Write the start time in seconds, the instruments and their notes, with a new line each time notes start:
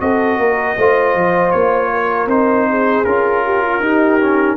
0.00 tuba C4, trombone F#4, horn A4, trumpet D#5
0.37 tuba A#3, horn A#4
0.77 tuba A3, trombone F4, horn C5
1.14 tuba F3
1.51 tuba A#3, trumpet C#5
1.93 horn A#4
2.26 tuba C4, trombone D#4, trumpet C5
2.69 horn G#4
3.04 tuba C#4, trombone F4, trumpet A#4
3.44 horn G4
3.61 horn F4
3.79 tuba D#4, trombone D#4, horn G4
4.19 trombone C#4